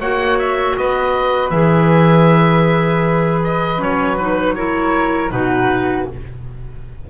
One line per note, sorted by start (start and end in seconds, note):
0.00 0.76 A#3
0.00 1.53 F#4
0.00 0.76 C#5
0.00 0.39 F#5
0.39 0.77 E5
0.77 1.51 B3
0.77 4.56 B4
0.77 1.50 D#5
1.50 3.79 E3
1.50 3.78 G#4
1.50 3.40 E5
3.44 3.82 D#5
3.78 5.31 F#3
3.78 4.16 C#4
3.78 4.17 C#5
4.17 4.57 D#4
4.17 4.55 B4
4.55 5.30 E4
4.55 5.32 A#4
4.55 5.31 C#5
5.30 6.07 B2
5.30 6.06 D#4
5.30 6.10 F#4
5.30 6.07 B4